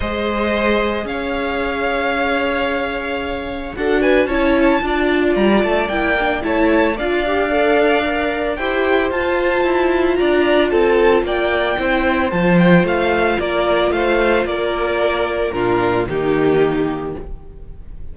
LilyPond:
<<
  \new Staff \with { instrumentName = "violin" } { \time 4/4 \tempo 4 = 112 dis''2 f''2~ | f''2. fis''8 gis''8 | a''2 ais''8 a''8 g''4 | a''4 f''2. |
g''4 a''2 ais''4 | a''4 g''2 a''8 g''8 | f''4 d''4 f''4 d''4~ | d''4 ais'4 g'2 | }
  \new Staff \with { instrumentName = "violin" } { \time 4/4 c''2 cis''2~ | cis''2. a'8 b'8 | cis''4 d''2. | cis''4 d''2. |
c''2. d''4 | a'4 d''4 c''2~ | c''4 ais'4 c''4 ais'4~ | ais'4 f'4 dis'2 | }
  \new Staff \with { instrumentName = "viola" } { \time 4/4 gis'1~ | gis'2. fis'4 | e'4 f'2 e'8 d'8 | e'4 f'8 g'8 a'4 ais'4 |
g'4 f'2.~ | f'2 e'4 f'4~ | f'1~ | f'4 d'4 ais2 | }
  \new Staff \with { instrumentName = "cello" } { \time 4/4 gis2 cis'2~ | cis'2. d'4 | cis'4 d'4 g8 a8 ais4 | a4 d'2. |
e'4 f'4 e'4 d'4 | c'4 ais4 c'4 f4 | a4 ais4 a4 ais4~ | ais4 ais,4 dis2 | }
>>